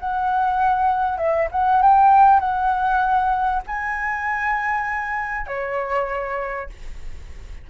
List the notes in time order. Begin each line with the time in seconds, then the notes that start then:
0.00 F#5
1.18 E5
1.52 F#5
1.83 G5
2.40 F#5
3.68 G#5
5.47 C#5